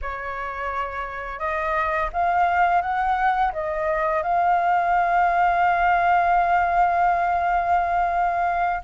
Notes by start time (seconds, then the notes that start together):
0.01 C#5
1.39 D#5
2.12 F5
2.81 F#5
3.52 D#5
4.22 F5